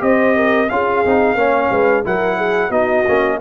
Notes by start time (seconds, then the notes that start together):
0.00 C4 G4 C5 D#5
0.37 A#4
0.70 C#4 F4 G#4 F5
1.05 C4 D#4
1.36 A#3 C#4 C#5
1.71 G#3 B4
2.05 F#3 E4 A#4 F#5
2.37 G#4
2.70 B3 D#4 F#4 D#5
3.08 A#3 C#4